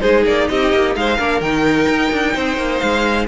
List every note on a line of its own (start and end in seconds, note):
0.00 0.26 G#3
0.00 1.18 D#4
0.00 0.48 G#4
0.00 0.23 C5
0.26 0.49 A#3
0.26 0.48 D5
0.48 0.73 C4
0.48 0.97 G4
0.48 0.94 D#5
0.73 0.95 A#3
0.95 1.19 G#3
0.95 1.17 C5
0.95 1.41 F5
1.17 1.41 A#3
1.17 1.42 D4
1.17 2.34 A#4
1.41 1.87 D#3
1.41 3.28 D#4
1.41 2.79 G5
1.88 2.11 D#4
2.12 2.35 D4
2.34 2.57 C4
2.34 3.27 C5
2.57 2.81 A#3
2.79 3.28 G#3
2.79 3.25 F5